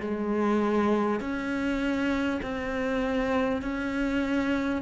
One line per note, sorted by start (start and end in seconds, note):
0.00 1.20 G#3
1.20 2.40 C#4
2.42 3.61 C4
3.61 4.81 C#4